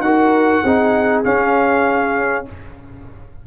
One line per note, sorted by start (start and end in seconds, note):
0.00 0.61 D#4
0.00 0.65 F#4
0.00 0.65 A#4
0.00 1.22 F#5
0.64 1.25 C4
0.64 1.24 D#4
0.64 2.47 G#4
1.24 2.46 C#4
1.24 2.47 C#4
1.24 2.46 F5